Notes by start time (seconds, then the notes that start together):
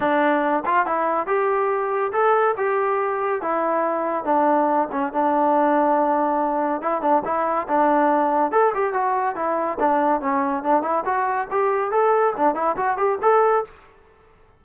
0.00 D4
0.65 F4
0.86 E4
1.27 G4
2.12 A4
2.57 G4
3.41 E4
4.24 D4
4.91 C#4
5.13 D4
6.81 E4
7.01 D4
7.24 E4
7.68 D4
8.51 A4
8.74 G4
8.93 F#4
9.35 E4
9.79 D4
10.20 C#4
10.63 D4
10.82 E4
11.05 F#4
11.50 G4
11.91 A4
12.36 D4
12.54 E4
12.76 F#4
12.97 G4
13.22 A4